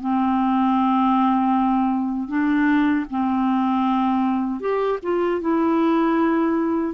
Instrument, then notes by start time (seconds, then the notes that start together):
clarinet
0.00 C4
2.28 D4
3.10 C4
4.60 G4
5.02 F4
5.41 E4